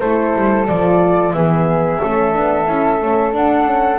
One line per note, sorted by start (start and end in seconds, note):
0.00 0.35 A3
0.00 0.68 E4
0.00 1.34 A4
0.00 0.67 C5
0.36 0.69 G3
0.67 1.34 F3
0.67 1.35 F4
0.67 1.33 D5
1.33 2.00 E3
1.33 2.02 B3
1.33 2.01 G#4
1.33 3.33 E5
2.01 2.36 A3
2.01 2.33 C#4
2.01 3.99 A4
2.33 2.68 B3
2.33 2.66 D4
2.66 3.01 C#4
2.66 2.99 E4
3.02 3.34 A3
3.02 3.33 C#4
3.33 3.65 D4
3.33 3.99 D4
3.33 3.99 F#5
3.65 3.99 C#4